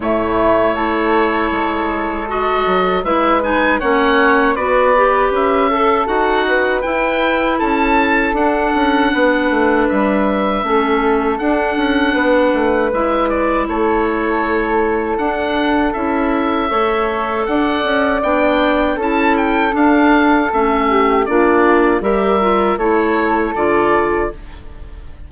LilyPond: <<
  \new Staff \with { instrumentName = "oboe" } { \time 4/4 \tempo 4 = 79 cis''2. dis''4 | e''8 gis''8 fis''4 d''4 e''4 | fis''4 g''4 a''4 fis''4~ | fis''4 e''2 fis''4~ |
fis''4 e''8 d''8 cis''2 | fis''4 e''2 fis''4 | g''4 a''8 g''8 f''4 e''4 | d''4 e''4 cis''4 d''4 | }
  \new Staff \with { instrumentName = "flute" } { \time 4/4 e'4 a'2. | b'4 cis''4 b'4. a'8~ | a'8 b'4. a'2 | b'2 a'2 |
b'2 a'2~ | a'2 cis''4 d''4~ | d''4 a'2~ a'8 g'8 | f'4 ais'4 a'2 | }
  \new Staff \with { instrumentName = "clarinet" } { \time 4/4 a4 e'2 fis'4 | e'8 dis'8 cis'4 fis'8 g'4 a'8 | fis'4 e'2 d'4~ | d'2 cis'4 d'4~ |
d'4 e'2. | d'4 e'4 a'2 | d'4 e'4 d'4 cis'4 | d'4 g'8 f'8 e'4 f'4 | }
  \new Staff \with { instrumentName = "bassoon" } { \time 4/4 a,4 a4 gis4. fis8 | gis4 ais4 b4 cis'4 | dis'4 e'4 cis'4 d'8 cis'8 | b8 a8 g4 a4 d'8 cis'8 |
b8 a8 gis4 a2 | d'4 cis'4 a4 d'8 cis'8 | b4 cis'4 d'4 a4 | ais4 g4 a4 d4 | }
>>